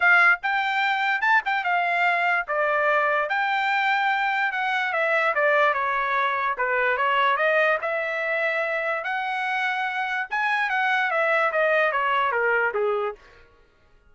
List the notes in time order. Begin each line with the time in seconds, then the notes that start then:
0.00 F5
0.42 G5
1.21 A5
1.45 G5
1.64 F5
2.47 D5
3.29 G5
4.52 F#5
4.92 E5
5.34 D5
5.73 C#5
6.57 B4
6.97 C#5
7.37 D#5
7.81 E5
9.03 F#5
10.30 G#5
10.69 F#5
11.10 E5
11.51 D#5
11.91 C#5
12.31 A#4
12.74 G#4